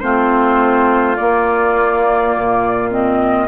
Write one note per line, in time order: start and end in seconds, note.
0.00 1.18 A3
0.00 1.17 C4
0.00 3.47 F4
0.00 1.15 C5
1.16 2.90 A#3
1.16 2.36 A#3
1.16 2.89 D5
2.36 3.47 A#2
2.90 3.47 C4
2.90 3.47 D#5